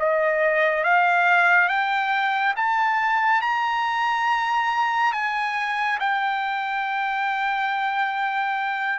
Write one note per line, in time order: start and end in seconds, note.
0.00 0.84 D#5
0.84 1.69 F5
1.69 2.55 G5
2.57 3.42 A5
3.42 5.13 A#5
5.13 5.99 G#5
6.00 8.99 G5